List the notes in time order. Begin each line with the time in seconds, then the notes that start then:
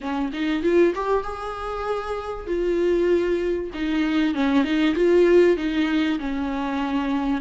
0.00 C#4
0.32 D#4
0.62 F4
0.94 G4
1.23 G#4
2.47 F4
3.74 D#4
4.34 C#4
4.64 D#4
4.95 F4
5.56 D#4
6.19 C#4